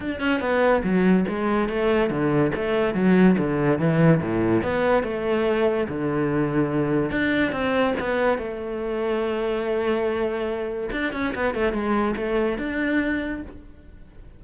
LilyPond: \new Staff \with { instrumentName = "cello" } { \time 4/4 \tempo 4 = 143 d'8 cis'8 b4 fis4 gis4 | a4 d4 a4 fis4 | d4 e4 a,4 b4 | a2 d2~ |
d4 d'4 c'4 b4 | a1~ | a2 d'8 cis'8 b8 a8 | gis4 a4 d'2 | }